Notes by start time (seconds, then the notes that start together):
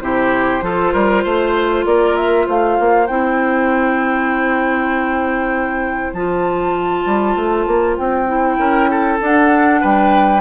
0.00 C3 E4 G4 C5
0.61 F3 F4 A4
0.93 G3 A#4
1.23 A3 C5
1.85 A#3 A#4 D5
2.16 E5
2.46 A3 C5 F5
2.79 A#3
3.07 C4 E4 G5
6.13 F3 F4 A5
7.05 G3
7.35 A3
7.67 A#3
7.97 C4 G5
8.27 E4
8.58 C#4 A#4
8.90 A4
9.20 D4 F#5
9.80 G3 B4 G5